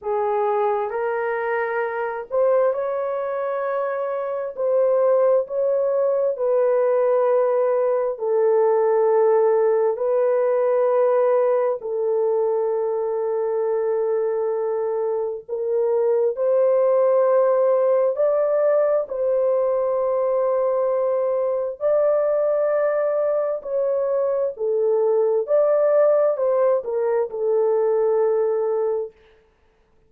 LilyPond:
\new Staff \with { instrumentName = "horn" } { \time 4/4 \tempo 4 = 66 gis'4 ais'4. c''8 cis''4~ | cis''4 c''4 cis''4 b'4~ | b'4 a'2 b'4~ | b'4 a'2.~ |
a'4 ais'4 c''2 | d''4 c''2. | d''2 cis''4 a'4 | d''4 c''8 ais'8 a'2 | }